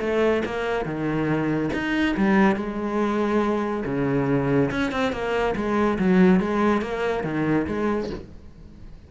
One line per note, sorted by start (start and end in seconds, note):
0.00 0.43 A3
0.45 0.85 A#3
0.85 1.70 D#3
1.73 2.16 D#4
2.17 2.56 G3
2.56 3.84 G#3
3.85 4.70 C#3
4.71 4.92 C#4
4.92 5.12 C4
5.12 5.55 A#3
5.55 5.98 G#3
5.99 6.40 F#3
6.40 6.82 G#3
6.82 7.24 A#3
7.24 7.66 D#3
7.67 8.10 G#3